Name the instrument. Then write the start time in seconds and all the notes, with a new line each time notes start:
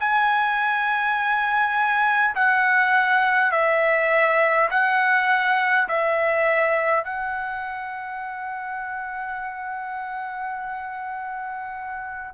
trumpet
0.00 G#5
2.35 F#5
3.52 E5
4.71 F#5
5.89 E5
7.04 F#5